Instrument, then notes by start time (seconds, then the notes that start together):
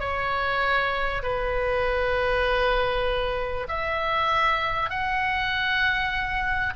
oboe
0.00 C#5
1.23 B4
3.68 E5
4.90 F#5